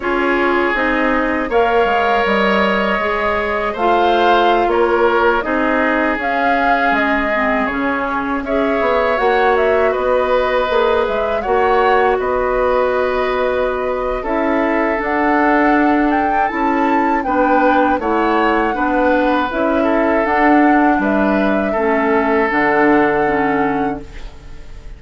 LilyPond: <<
  \new Staff \with { instrumentName = "flute" } { \time 4/4 \tempo 4 = 80 cis''4 dis''4 f''4 dis''4~ | dis''4 f''4~ f''16 cis''4 dis''8.~ | dis''16 f''4 dis''4 cis''4 e''8.~ | e''16 fis''8 e''8 dis''4. e''8 fis''8.~ |
fis''16 dis''2~ dis''8. e''4 | fis''4. g''8 a''4 g''4 | fis''2 e''4 fis''4 | e''2 fis''2 | }
  \new Staff \with { instrumentName = "oboe" } { \time 4/4 gis'2 cis''2~ | cis''4 c''4~ c''16 ais'4 gis'8.~ | gis'2.~ gis'16 cis''8.~ | cis''4~ cis''16 b'2 cis''8.~ |
cis''16 b'2~ b'8. a'4~ | a'2. b'4 | cis''4 b'4. a'4. | b'4 a'2. | }
  \new Staff \with { instrumentName = "clarinet" } { \time 4/4 f'4 dis'4 ais'2 | gis'4 f'2~ f'16 dis'8.~ | dis'16 cis'4. c'8 cis'4 gis'8.~ | gis'16 fis'2 gis'4 fis'8.~ |
fis'2. e'4 | d'2 e'4 d'4 | e'4 d'4 e'4 d'4~ | d'4 cis'4 d'4 cis'4 | }
  \new Staff \with { instrumentName = "bassoon" } { \time 4/4 cis'4 c'4 ais8 gis8 g4 | gis4 a4~ a16 ais4 c'8.~ | c'16 cis'4 gis4 cis4 cis'8 b16~ | b16 ais4 b4 ais8 gis8 ais8.~ |
ais16 b2~ b8. cis'4 | d'2 cis'4 b4 | a4 b4 cis'4 d'4 | g4 a4 d2 | }
>>